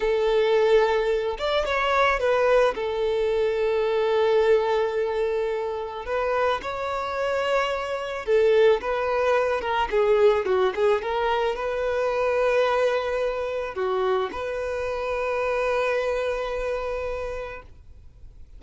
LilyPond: \new Staff \with { instrumentName = "violin" } { \time 4/4 \tempo 4 = 109 a'2~ a'8 d''8 cis''4 | b'4 a'2.~ | a'2. b'4 | cis''2. a'4 |
b'4. ais'8 gis'4 fis'8 gis'8 | ais'4 b'2.~ | b'4 fis'4 b'2~ | b'1 | }